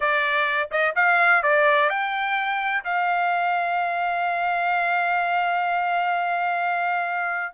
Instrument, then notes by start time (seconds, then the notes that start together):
trumpet
0.00 D5
0.71 D#5
0.95 F5
1.43 D5
1.89 G5
2.84 F5